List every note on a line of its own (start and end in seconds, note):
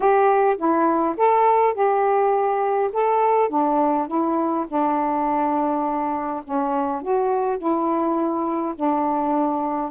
0.00 0.56 G4
0.57 1.15 E4
1.17 1.73 A4
1.73 2.90 G4
2.93 3.49 A4
3.49 4.07 D4
4.07 4.65 E4
4.68 6.42 D4
6.44 7.01 C#4
7.01 7.57 F#4
7.57 8.74 E4
8.75 9.91 D4